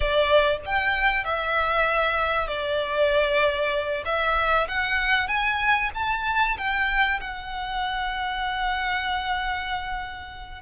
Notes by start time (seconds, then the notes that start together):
0.00 D5
0.65 G5
1.24 E5
2.47 D5
4.05 E5
4.68 F#5
5.28 G#5
5.94 A5
6.57 G5
7.20 F#5